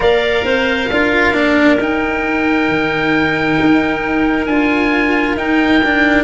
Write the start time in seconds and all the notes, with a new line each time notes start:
0.00 A#3 A#4 D5 F5
0.44 C4 C5
0.90 D4 F4 A#4
1.33 A#3 D4
1.78 D#4 G5
2.68 D#3
3.60 D#4
4.46 D4 F4 G#5
5.36 D#4 G5
5.83 D4